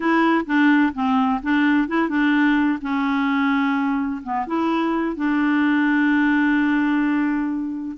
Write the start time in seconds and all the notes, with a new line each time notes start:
0.00 E4
0.46 D4
0.94 C4
1.42 D4
1.88 E4
2.09 D4
2.81 C#4
4.23 B3
4.47 E4
5.16 D4